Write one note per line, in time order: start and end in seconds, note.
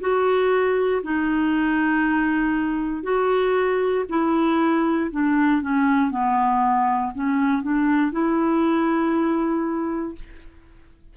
0.00 1.02 F#4
1.03 3.03 D#4
3.03 4.04 F#4
4.09 5.10 E4
5.11 5.62 D4
5.62 6.11 C#4
6.11 7.12 B3
7.15 7.63 C#4
7.63 8.11 D4
8.11 10.15 E4